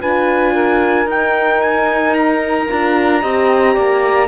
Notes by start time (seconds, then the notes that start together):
0.00 D4 F4 B4 G#5
0.54 A#4
1.06 D#4 G5
1.61 G#5
2.15 A#5
2.69 D4 F4
3.21 C4 G4 D#5
3.74 A#3 D5